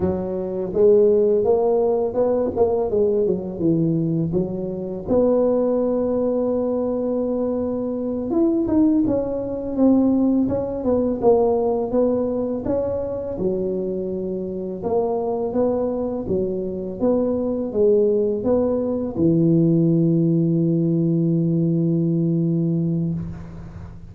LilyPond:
\new Staff \with { instrumentName = "tuba" } { \time 4/4 \tempo 4 = 83 fis4 gis4 ais4 b8 ais8 | gis8 fis8 e4 fis4 b4~ | b2.~ b8 e'8 | dis'8 cis'4 c'4 cis'8 b8 ais8~ |
ais8 b4 cis'4 fis4.~ | fis8 ais4 b4 fis4 b8~ | b8 gis4 b4 e4.~ | e1 | }